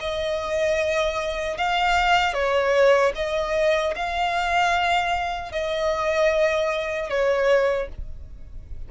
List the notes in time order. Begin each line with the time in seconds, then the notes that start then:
0.00 D#5
1.58 F5
2.34 C#5
3.15 D#5
3.95 F5
5.52 D#5
7.10 C#5